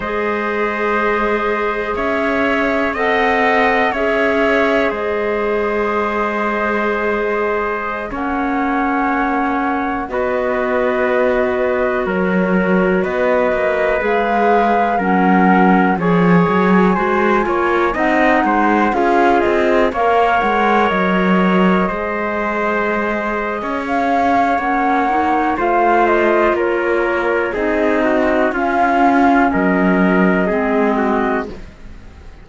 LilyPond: <<
  \new Staff \with { instrumentName = "flute" } { \time 4/4 \tempo 4 = 61 dis''2 e''4 fis''4 | e''4 dis''2.~ | dis''16 fis''2 dis''4.~ dis''16~ | dis''16 cis''4 dis''4 f''4 fis''8.~ |
fis''16 gis''2 fis''4 f''8 dis''16~ | dis''16 f''8 fis''8 dis''2~ dis''8.~ | dis''16 f''8. fis''4 f''8 dis''8 cis''4 | dis''4 f''4 dis''2 | }
  \new Staff \with { instrumentName = "trumpet" } { \time 4/4 c''2 cis''4 dis''4 | cis''4 c''2.~ | c''16 cis''2 b'4.~ b'16~ | b'16 ais'4 b'2 ais'8.~ |
ais'16 cis''4 c''8 cis''8 dis''8 c''8 gis'8.~ | gis'16 cis''2 c''4.~ c''16 | cis''2 c''4 ais'4 | gis'8 fis'8 f'4 ais'4 gis'8 fis'8 | }
  \new Staff \with { instrumentName = "clarinet" } { \time 4/4 gis'2. a'4 | gis'1~ | gis'16 cis'2 fis'4.~ fis'16~ | fis'2~ fis'16 gis'4 cis'8.~ |
cis'16 gis'4 fis'8 f'8 dis'4 f'8.~ | f'16 ais'2 gis'4.~ gis'16~ | gis'4 cis'8 dis'8 f'2 | dis'4 cis'2 c'4 | }
  \new Staff \with { instrumentName = "cello" } { \time 4/4 gis2 cis'4 c'4 | cis'4 gis2.~ | gis16 ais2 b4.~ b16~ | b16 fis4 b8 ais8 gis4 fis8.~ |
fis16 f8 fis8 gis8 ais8 c'8 gis8 cis'8 c'16~ | c'16 ais8 gis8 fis4 gis4.~ gis16 | cis'4 ais4 a4 ais4 | c'4 cis'4 fis4 gis4 | }
>>